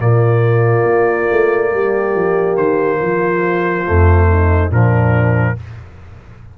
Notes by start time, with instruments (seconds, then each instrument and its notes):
0.00 tuba A#2, trombone A#3, horn F4, trumpet D5
0.84 tuba A#3
1.31 tuba A3
1.71 tuba G3, horn G4
2.15 tuba F3
2.57 tuba D#3, trumpet C5
2.99 tuba F3, horn F4
3.85 tuba F2, trombone A3
4.30 horn D#4
4.70 tuba A#2, trombone F3, horn D4, trumpet A#4